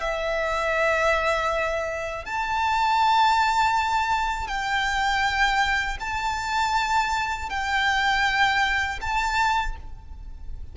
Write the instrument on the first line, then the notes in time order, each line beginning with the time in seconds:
violin
0.00 E5
2.25 A5
4.47 G5
6.00 A5
7.50 G5
9.01 A5